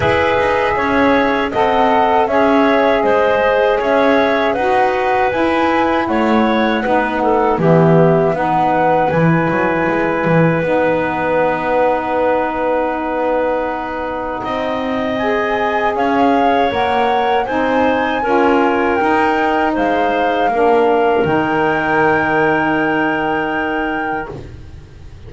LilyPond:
<<
  \new Staff \with { instrumentName = "flute" } { \time 4/4 \tempo 4 = 79 e''2 fis''4 e''4 | dis''4 e''4 fis''4 gis''4 | fis''2 e''4 fis''4 | gis''2 fis''2~ |
fis''1 | gis''4 f''4 fis''4 gis''4~ | gis''4 g''4 f''2 | g''1 | }
  \new Staff \with { instrumentName = "clarinet" } { \time 4/4 b'4 cis''4 dis''4 cis''4 | c''4 cis''4 b'2 | cis''4 b'8 a'8 g'4 b'4~ | b'1~ |
b'2. dis''4~ | dis''4 cis''2 c''4 | ais'2 c''4 ais'4~ | ais'1 | }
  \new Staff \with { instrumentName = "saxophone" } { \time 4/4 gis'2 a'4 gis'4~ | gis'2 fis'4 e'4~ | e'4 dis'4 b4 dis'4 | e'2 dis'2~ |
dis'1 | gis'2 ais'4 dis'4 | f'4 dis'2 d'4 | dis'1 | }
  \new Staff \with { instrumentName = "double bass" } { \time 4/4 e'8 dis'8 cis'4 c'4 cis'4 | gis4 cis'4 dis'4 e'4 | a4 b4 e4 b4 | e8 fis8 gis8 e8 b2~ |
b2. c'4~ | c'4 cis'4 ais4 c'4 | cis'4 dis'4 gis4 ais4 | dis1 | }
>>